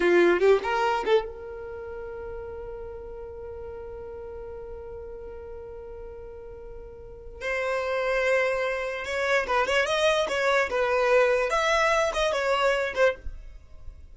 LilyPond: \new Staff \with { instrumentName = "violin" } { \time 4/4 \tempo 4 = 146 f'4 g'8 ais'4 a'8 ais'4~ | ais'1~ | ais'1~ | ais'1~ |
ais'2 c''2~ | c''2 cis''4 b'8 cis''8 | dis''4 cis''4 b'2 | e''4. dis''8 cis''4. c''8 | }